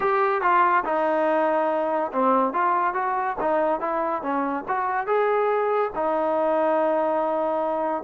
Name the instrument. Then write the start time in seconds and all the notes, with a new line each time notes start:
trombone
0.00 G4
0.41 F4
0.85 D#4
2.12 C4
2.53 F4
2.94 F#4
3.40 D#4
3.80 E4
4.22 C#4
4.68 F#4
5.06 G#4
5.95 D#4